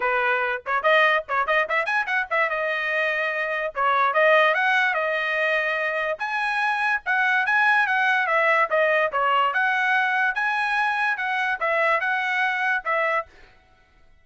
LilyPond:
\new Staff \with { instrumentName = "trumpet" } { \time 4/4 \tempo 4 = 145 b'4. cis''8 dis''4 cis''8 dis''8 | e''8 gis''8 fis''8 e''8 dis''2~ | dis''4 cis''4 dis''4 fis''4 | dis''2. gis''4~ |
gis''4 fis''4 gis''4 fis''4 | e''4 dis''4 cis''4 fis''4~ | fis''4 gis''2 fis''4 | e''4 fis''2 e''4 | }